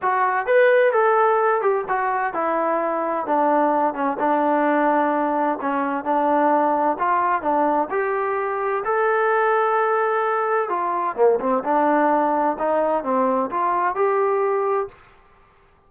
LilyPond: \new Staff \with { instrumentName = "trombone" } { \time 4/4 \tempo 4 = 129 fis'4 b'4 a'4. g'8 | fis'4 e'2 d'4~ | d'8 cis'8 d'2. | cis'4 d'2 f'4 |
d'4 g'2 a'4~ | a'2. f'4 | ais8 c'8 d'2 dis'4 | c'4 f'4 g'2 | }